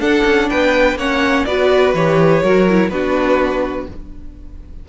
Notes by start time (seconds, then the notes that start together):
0.00 D4 A4 F#5
0.25 C#4
0.49 B3 B4 G5
0.95 A#3 C#4 C#5 F#5
1.45 B3 F#4 B4 D5
1.93 E3 G4 C#5
2.42 F#3 F#4 A#4
2.69 E4
2.89 B3 D4 F#4 B4